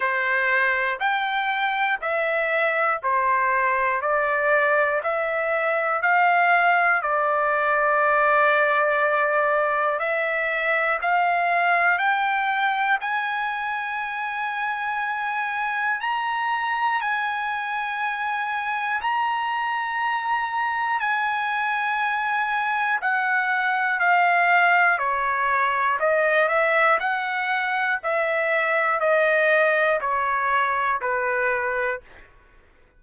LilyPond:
\new Staff \with { instrumentName = "trumpet" } { \time 4/4 \tempo 4 = 60 c''4 g''4 e''4 c''4 | d''4 e''4 f''4 d''4~ | d''2 e''4 f''4 | g''4 gis''2. |
ais''4 gis''2 ais''4~ | ais''4 gis''2 fis''4 | f''4 cis''4 dis''8 e''8 fis''4 | e''4 dis''4 cis''4 b'4 | }